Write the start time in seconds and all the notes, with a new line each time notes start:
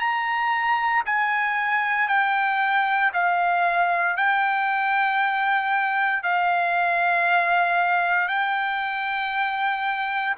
0.00 A#5
1.06 G#5
2.09 G5
3.14 F5
4.17 G5
6.24 F5
8.29 G5